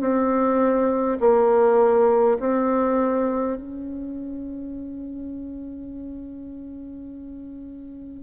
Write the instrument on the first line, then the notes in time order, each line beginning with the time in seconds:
bassoon
0.00 C4
1.20 A#3
2.40 C4
3.56 C#4